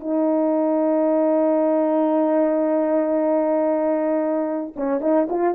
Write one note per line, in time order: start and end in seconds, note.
0.00 4.73 D#4
4.76 5.01 C#4
5.01 5.28 D#4
5.30 5.55 F4